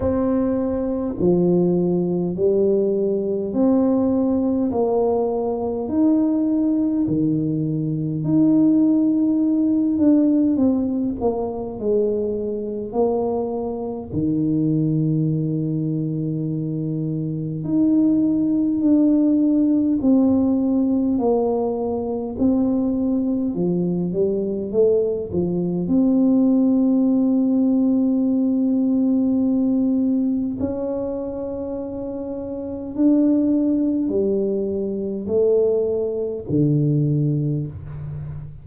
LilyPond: \new Staff \with { instrumentName = "tuba" } { \time 4/4 \tempo 4 = 51 c'4 f4 g4 c'4 | ais4 dis'4 dis4 dis'4~ | dis'8 d'8 c'8 ais8 gis4 ais4 | dis2. dis'4 |
d'4 c'4 ais4 c'4 | f8 g8 a8 f8 c'2~ | c'2 cis'2 | d'4 g4 a4 d4 | }